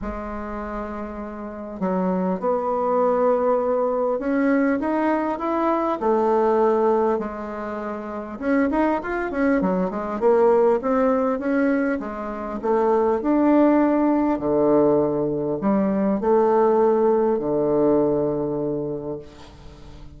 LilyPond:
\new Staff \with { instrumentName = "bassoon" } { \time 4/4 \tempo 4 = 100 gis2. fis4 | b2. cis'4 | dis'4 e'4 a2 | gis2 cis'8 dis'8 f'8 cis'8 |
fis8 gis8 ais4 c'4 cis'4 | gis4 a4 d'2 | d2 g4 a4~ | a4 d2. | }